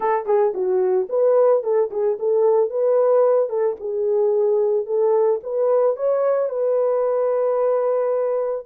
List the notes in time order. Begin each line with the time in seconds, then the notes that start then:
0.00 A4
0.26 G#4
0.54 F#4
1.09 B4
1.63 A4
1.91 G#4
2.19 A4
2.70 B4
3.49 A4
3.80 G#4
4.86 A4
5.43 B4
5.96 C#5
6.49 B4